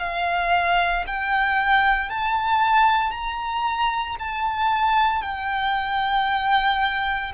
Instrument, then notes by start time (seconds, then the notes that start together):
violin
0.00 F5
1.07 G5
2.10 A5
3.11 A#5
4.20 A5
5.22 G5